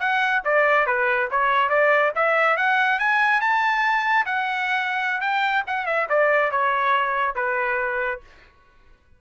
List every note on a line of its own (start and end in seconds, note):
0.00 0.43 F#5
0.45 0.87 D5
0.87 1.29 B4
1.31 1.70 C#5
1.70 2.12 D5
2.15 2.57 E5
2.57 3.00 F#5
3.00 3.41 G#5
3.41 4.26 A5
4.26 5.21 F#5
5.21 5.64 G5
5.67 5.86 F#5
5.86 6.08 E5
6.10 6.52 D5
6.52 7.36 C#5
7.36 8.21 B4